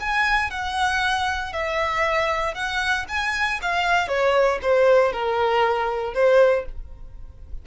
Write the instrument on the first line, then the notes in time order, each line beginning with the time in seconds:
violin
0.00 G#5
0.51 F#5
1.53 E5
2.54 F#5
3.09 G#5
3.62 F5
4.08 C#5
4.62 C5
5.13 A#4
6.14 C5